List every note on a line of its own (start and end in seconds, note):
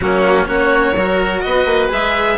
0.00 0.48 F#3
0.00 0.45 A#3
0.00 0.48 C#4
0.00 0.48 F#4
0.45 0.95 A#3
0.45 0.93 C#4
0.45 0.95 F#4
0.45 1.40 C#5
0.95 1.43 F#3
0.95 1.89 F#4
0.95 1.44 A#4
1.40 1.65 B3
1.40 2.38 B4
1.40 1.88 D#5
1.65 1.89 A#3
1.89 2.38 G#3
1.89 2.37 G#4
1.89 2.38 E5